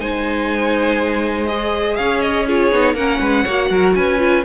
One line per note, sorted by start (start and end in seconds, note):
0.00 1.98 G#3
0.00 1.49 D#4
0.00 1.98 C5
0.00 1.47 G#5
1.47 2.48 G#4
1.47 1.96 D#5
1.96 2.72 C#4
1.96 2.47 C#5
1.96 2.21 F5
2.21 2.46 D#5
2.47 2.72 F4
2.47 2.95 G#4
2.47 2.95 C#5
2.72 2.95 B3
2.72 2.97 D#4
2.95 3.20 A#3
2.95 3.47 C#4
2.95 3.20 A#4
2.95 3.95 F#5
3.20 3.45 G#3
3.20 3.44 B4
3.44 3.70 A#3
3.44 4.19 F#4
3.44 3.69 C#5
3.70 3.95 F#3
3.70 3.96 A#4
3.95 4.45 C#4
3.95 4.45 B4
3.95 4.45 G#5
4.19 4.44 F4